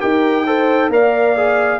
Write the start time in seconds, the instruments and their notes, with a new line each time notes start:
0.00 tuba D#4, trombone G4, horn A#4, trumpet G5
0.46 trombone A4, horn C5
0.90 tuba A#3, trombone A#4, horn D5, trumpet F5
1.36 trombone G#4